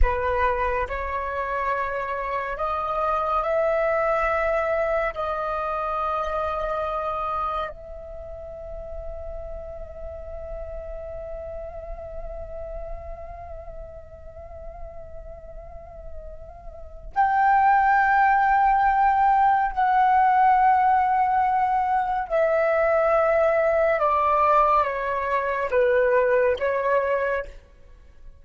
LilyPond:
\new Staff \with { instrumentName = "flute" } { \time 4/4 \tempo 4 = 70 b'4 cis''2 dis''4 | e''2 dis''2~ | dis''4 e''2.~ | e''1~ |
e''1 | g''2. fis''4~ | fis''2 e''2 | d''4 cis''4 b'4 cis''4 | }